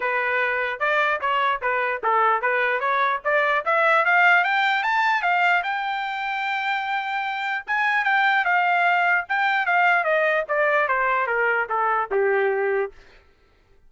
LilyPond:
\new Staff \with { instrumentName = "trumpet" } { \time 4/4 \tempo 4 = 149 b'2 d''4 cis''4 | b'4 a'4 b'4 cis''4 | d''4 e''4 f''4 g''4 | a''4 f''4 g''2~ |
g''2. gis''4 | g''4 f''2 g''4 | f''4 dis''4 d''4 c''4 | ais'4 a'4 g'2 | }